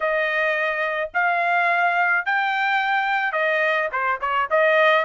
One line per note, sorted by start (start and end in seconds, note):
0.00 1.10 D#5
1.13 2.25 F5
2.25 3.32 G5
3.32 3.88 D#5
3.92 4.20 C5
4.20 4.48 C#5
4.50 5.05 D#5